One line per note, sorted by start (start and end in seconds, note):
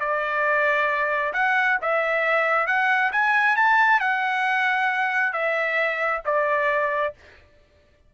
0.00 1.33 D5
1.34 1.78 F#5
1.82 2.67 E5
2.67 3.12 F#5
3.12 3.56 G#5
3.56 4.00 A5
4.00 5.33 F#5
5.33 6.22 E5
6.25 7.14 D5